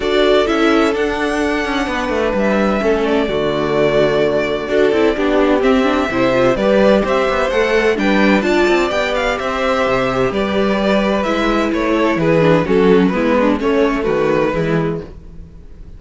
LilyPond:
<<
  \new Staff \with { instrumentName = "violin" } { \time 4/4 \tempo 4 = 128 d''4 e''4 fis''2~ | fis''4 e''4. d''4.~ | d''1 | e''2 d''4 e''4 |
fis''4 g''4 a''4 g''8 f''8 | e''2 d''2 | e''4 cis''4 b'4 a'4 | b'4 cis''4 b'2 | }
  \new Staff \with { instrumentName = "violin" } { \time 4/4 a'1 | b'2 a'4 fis'4~ | fis'2 a'4 g'4~ | g'4 c''4 b'4 c''4~ |
c''4 b'4 d''2 | c''2 b'2~ | b'4. a'8 gis'4 fis'4 | e'8 d'8 cis'4 fis'4 e'4 | }
  \new Staff \with { instrumentName = "viola" } { \time 4/4 fis'4 e'4 d'2~ | d'2 cis'4 a4~ | a2 fis'8 e'8 d'4 | c'8 d'8 e'8 f'8 g'2 |
a'4 d'4 f'4 g'4~ | g'1 | e'2~ e'8 d'8 cis'4 | b4 a2 gis4 | }
  \new Staff \with { instrumentName = "cello" } { \time 4/4 d'4 cis'4 d'4. cis'8 | b8 a8 g4 a4 d4~ | d2 d'8 c'8 b4 | c'4 c4 g4 c'8 b8 |
a4 g4 d'8 c'8 b4 | c'4 c4 g2 | gis4 a4 e4 fis4 | gis4 a4 dis4 e4 | }
>>